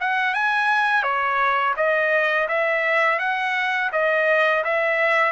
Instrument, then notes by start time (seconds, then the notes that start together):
trumpet
0.00 F#5
0.34 G#5
1.03 C#5
1.76 D#5
2.48 E5
3.19 F#5
3.92 D#5
4.64 E5